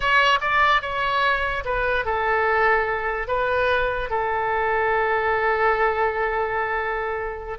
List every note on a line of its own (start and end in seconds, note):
0.00 0.39 C#5
0.41 0.81 D5
0.81 1.63 C#5
1.64 2.05 B4
2.05 3.27 A4
3.27 4.09 B4
4.09 7.58 A4